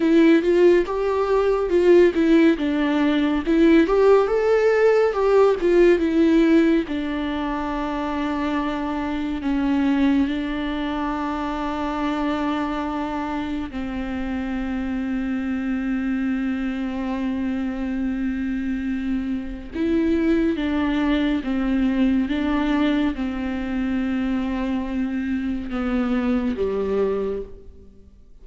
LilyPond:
\new Staff \with { instrumentName = "viola" } { \time 4/4 \tempo 4 = 70 e'8 f'8 g'4 f'8 e'8 d'4 | e'8 g'8 a'4 g'8 f'8 e'4 | d'2. cis'4 | d'1 |
c'1~ | c'2. e'4 | d'4 c'4 d'4 c'4~ | c'2 b4 g4 | }